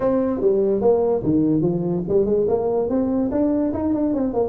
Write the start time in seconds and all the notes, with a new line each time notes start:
0.00 C4
0.40 G3
0.81 A#3
1.23 D#3
1.61 F3
2.08 G3
2.25 G#3
2.48 A#3
2.89 C4
3.31 D4
3.73 D#4
3.93 D4
4.13 C4
4.33 A#3